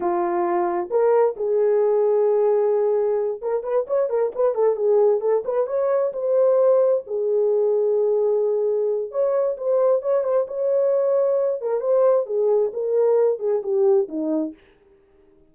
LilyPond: \new Staff \with { instrumentName = "horn" } { \time 4/4 \tempo 4 = 132 f'2 ais'4 gis'4~ | gis'2.~ gis'8 ais'8 | b'8 cis''8 ais'8 b'8 a'8 gis'4 a'8 | b'8 cis''4 c''2 gis'8~ |
gis'1 | cis''4 c''4 cis''8 c''8 cis''4~ | cis''4. ais'8 c''4 gis'4 | ais'4. gis'8 g'4 dis'4 | }